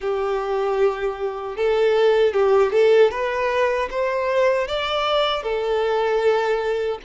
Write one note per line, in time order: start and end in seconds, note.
0.00 1.56 G4
1.56 2.33 A4
2.33 2.71 G4
2.71 3.10 A4
3.10 3.88 B4
3.90 4.67 C5
4.67 5.42 D5
5.42 6.98 A4